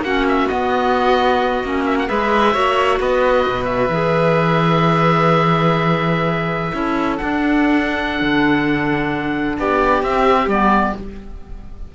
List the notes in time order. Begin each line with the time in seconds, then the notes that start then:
0.00 A#3 C#4 F#4 F#5
0.28 E5
0.48 B3 D#5
1.63 A#3 C#4
1.85 E5
1.98 F#5
2.07 G#3 G#4 B4 E5
2.53 A#3 F#4 C#5
2.99 B3 B4 D#5
3.46 B2
3.64 E5
3.88 E3 G#4
6.73 C#4 E4 A4
7.17 D4 F#5
8.21 D3
9.58 B3 G4 D5
10.02 C4 E5
10.47 G3 B3 D5